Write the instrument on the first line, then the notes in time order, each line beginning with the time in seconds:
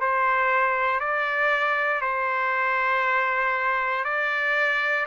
trumpet
0.00 C5
1.00 D5
2.01 C5
4.04 D5